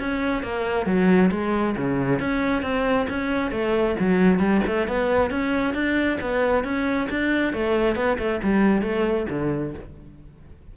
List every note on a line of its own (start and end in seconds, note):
0.00 0.43 C#4
0.43 0.87 A#3
0.87 1.31 F#3
1.32 1.76 G#3
1.77 2.20 C#3
2.20 2.63 C#4
2.63 3.07 C4
3.10 3.52 C#4
3.52 3.96 A3
4.00 4.40 F#3
4.40 4.62 G3
4.67 4.88 A3
4.88 5.31 B3
5.31 5.75 C#4
5.75 6.19 D4
6.21 6.65 B3
6.65 7.09 C#4
7.10 7.54 D4
7.54 7.96 A3
7.96 8.18 B3
8.19 8.41 A3
8.44 8.82 G3
8.82 9.27 A3
9.30 9.75 D3